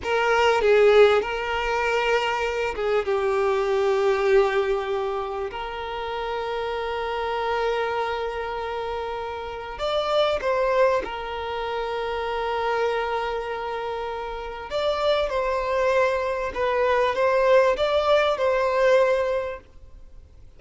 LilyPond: \new Staff \with { instrumentName = "violin" } { \time 4/4 \tempo 4 = 98 ais'4 gis'4 ais'2~ | ais'8 gis'8 g'2.~ | g'4 ais'2.~ | ais'1 |
d''4 c''4 ais'2~ | ais'1 | d''4 c''2 b'4 | c''4 d''4 c''2 | }